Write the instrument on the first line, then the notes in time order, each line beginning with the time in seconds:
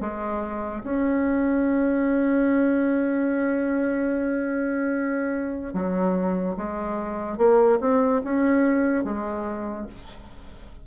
bassoon
0.00 G#3
0.83 C#4
5.73 F#3
6.57 G#3
7.37 A#3
7.80 C4
8.24 C#4
9.04 G#3